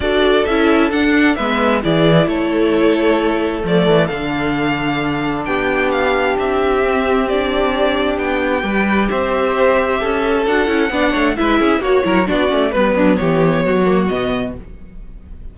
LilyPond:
<<
  \new Staff \with { instrumentName = "violin" } { \time 4/4 \tempo 4 = 132 d''4 e''4 fis''4 e''4 | d''4 cis''2. | d''4 f''2. | g''4 f''4 e''2 |
d''2 g''2 | e''2. fis''4~ | fis''4 e''4 cis''4 d''4 | b'4 cis''2 dis''4 | }
  \new Staff \with { instrumentName = "violin" } { \time 4/4 a'2. b'4 | gis'4 a'2.~ | a'1 | g'1~ |
g'2. b'4 | c''2 a'2 | d''8 cis''8 b'8 gis'8 fis'8 ais'8 fis'4 | b'8 d'8 g'4 fis'2 | }
  \new Staff \with { instrumentName = "viola" } { \time 4/4 fis'4 e'4 d'4 b4 | e'1 | a4 d'2.~ | d'2. c'4 |
d'2. g'4~ | g'2. fis'8 e'8 | d'4 e'4 fis'8 e'8 d'8 cis'8 | b2~ b8 ais8 b4 | }
  \new Staff \with { instrumentName = "cello" } { \time 4/4 d'4 cis'4 d'4 gis4 | e4 a2. | f8 e8 d2. | b2 c'2~ |
c'2 b4 g4 | c'2 cis'4 d'8 cis'8 | b8 a8 gis8 cis'8 ais8 fis8 b8 a8 | g8 fis8 e4 fis4 b,4 | }
>>